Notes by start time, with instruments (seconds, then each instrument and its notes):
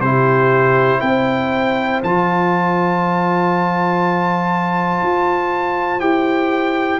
0.00 tuba C3, trombone E4, horn G4, trumpet C5
1.00 tuba C4, horn C5, trumpet G5
2.03 tuba F3, trombone F4, trumpet A5
5.02 tuba F4
6.00 tuba E4, trombone G4, trumpet G5